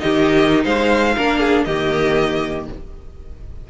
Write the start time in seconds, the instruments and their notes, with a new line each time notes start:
0.00 cello D#3, viola D#4, violin G4 D#5
0.64 cello G#3, violin C5 F5
1.17 cello A#3, viola D4, violin A#4
1.39 violin G#4
1.65 cello D#3, viola A#3, violin G4 D#5